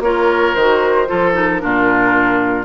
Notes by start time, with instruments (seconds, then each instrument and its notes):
0.00 bassoon A#3, clarinet F4, oboe A#4, flute C#5
0.55 bassoon D#3, clarinet F#4, flute C5
1.07 bassoon F3, clarinet F4, oboe A4
1.34 clarinet D#4, flute A#4
1.60 bassoon A#2, clarinet D4, oboe F4